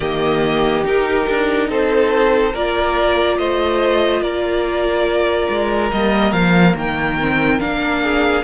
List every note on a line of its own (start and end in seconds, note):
0.00 0.83 D#3
0.00 0.84 A#3
0.00 1.68 G4
0.00 0.84 D#5
0.83 1.26 D#4
0.83 2.53 D#4
0.83 1.69 A#4
1.29 1.69 D4
1.69 2.54 C4
1.69 2.53 A4
1.69 2.55 C5
2.53 3.38 A#3
2.53 5.92 F4
2.53 3.37 A#4
2.53 3.38 D5
3.38 4.21 A3
3.38 4.22 C5
3.38 4.21 D#5
4.21 5.48 A#3
4.21 8.01 A#4
4.21 5.90 D5
5.49 5.91 G#3
5.91 6.32 G3
5.91 7.20 A#3
5.91 6.32 D#5
6.32 6.74 F3
6.32 6.74 F5
6.75 7.60 D#3
6.75 7.60 G5
7.20 7.60 C4
7.60 8.44 A#3
7.60 8.44 D4
7.60 8.44 F5
8.01 8.44 G#4